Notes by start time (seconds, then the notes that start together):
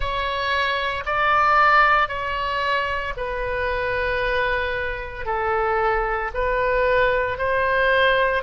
0.00 C#5
1.05 D5
2.08 C#5
3.16 B4
5.25 A4
6.33 B4
7.37 C5